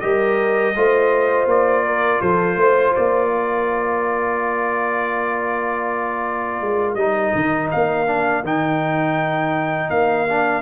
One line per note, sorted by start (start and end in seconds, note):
0.00 0.75 G3
0.00 0.75 G4
0.00 0.76 A#4
0.00 1.46 D#5
0.75 1.46 A3
0.75 6.98 F4
0.75 1.86 C5
1.46 2.19 A#3
1.46 2.21 D5
1.86 2.22 A#4
2.21 2.55 F3
2.21 2.58 A4
2.21 2.94 C5
2.55 2.92 A3
2.55 3.30 C5
2.94 6.60 A#3
2.94 6.94 D5
3.30 10.62 A#4
6.60 6.94 G#3
6.94 7.31 G3
6.94 8.07 D#4
6.94 7.67 D#5
7.34 7.71 D#3
7.71 8.42 A#3
7.71 8.44 F5
8.07 8.43 D4
8.42 9.89 D#3
8.42 10.27 D#4
8.42 9.90 G5
9.90 10.62 A#3
9.90 10.62 F5
10.28 10.62 D4